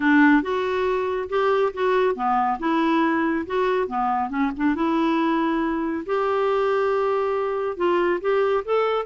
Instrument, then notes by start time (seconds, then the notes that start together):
clarinet
0.00 D4
0.42 F#4
1.29 G4
1.73 F#4
2.15 B3
2.59 E4
3.46 F#4
3.87 B3
4.29 C#4
4.56 D4
4.75 E4
6.05 G4
7.77 F4
8.21 G4
8.64 A4